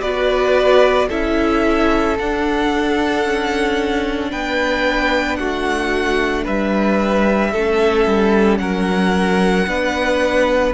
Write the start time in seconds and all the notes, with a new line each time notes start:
0.00 B3 F#4 B4 D5
1.08 C#4 E4 A4 E5
2.19 D4 F#5
3.25 C#4
4.31 B3 B4 G5
5.36 A3 F#4 F#5
6.44 G3 B4 E5
7.52 A3 C#4 A4
8.06 G3
8.57 F#3 A#4 F#5
9.67 B3 D4 B4